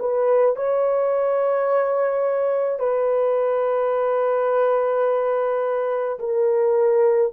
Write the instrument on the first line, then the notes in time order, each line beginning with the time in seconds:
horn
0.00 B4
0.57 C#5
2.80 B4
6.20 A#4